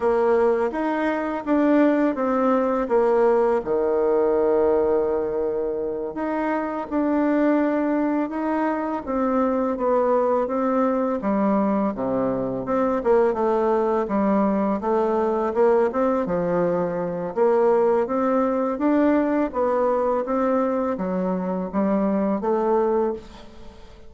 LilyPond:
\new Staff \with { instrumentName = "bassoon" } { \time 4/4 \tempo 4 = 83 ais4 dis'4 d'4 c'4 | ais4 dis2.~ | dis8 dis'4 d'2 dis'8~ | dis'8 c'4 b4 c'4 g8~ |
g8 c4 c'8 ais8 a4 g8~ | g8 a4 ais8 c'8 f4. | ais4 c'4 d'4 b4 | c'4 fis4 g4 a4 | }